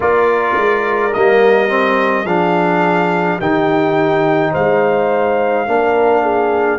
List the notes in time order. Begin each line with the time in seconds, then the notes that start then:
0.00 A#3 F4 A#4 D5
0.57 G#3
1.13 G3 A#3 D#5
1.68 C4
2.25 F3 D4 G#4 F5
3.40 D#3 D#4 G4 G5
4.51 G#3 C5 F5
5.66 A#3 D4 A#4
6.22 G#4